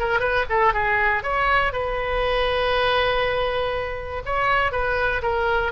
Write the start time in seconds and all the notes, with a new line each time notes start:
0.00 A#4
0.20 B4
0.50 A4
0.74 G#4
1.23 C#5
1.73 B4
4.26 C#5
4.72 B4
5.22 A#4